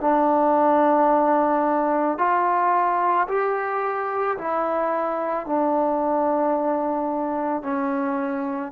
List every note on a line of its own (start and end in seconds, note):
0.00 2.18 D4
2.18 3.27 F4
3.28 4.37 G4
4.37 5.45 E4
5.45 7.63 D4
7.63 8.72 C#4